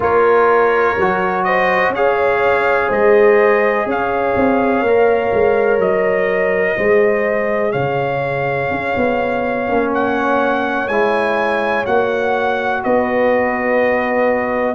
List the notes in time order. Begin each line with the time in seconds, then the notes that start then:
0.00 A#3 F4 A#4 C#5
0.97 F#3 F#4
1.44 C5 D#5
1.89 C#4 C#5 F5
1.95 G#4
2.88 G#3 C5 D#5
3.85 C#4 C#5 F5
4.35 C4
4.81 A#3 A#4
5.33 G#3
5.78 F#3 D#5
6.77 G#3 G#4 C5
7.72 C#3 C#5 F5
8.70 C#4
8.96 B3
9.67 A#3 C#4
9.94 F#5
10.88 G#3 E4 G#5
11.86 A#3 F#4 F#5
12.83 B3 B4 D#5